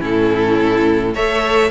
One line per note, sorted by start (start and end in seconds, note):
0.00 1.15 A2
0.00 1.13 C#4
0.00 1.13 E4
0.00 1.15 A4
1.14 1.71 A3
1.14 1.71 A4
1.14 1.70 C#5
1.14 1.71 E5